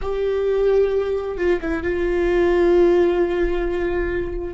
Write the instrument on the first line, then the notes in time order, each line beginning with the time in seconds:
viola
0.01 G4
1.37 F4
1.60 E4
1.83 F4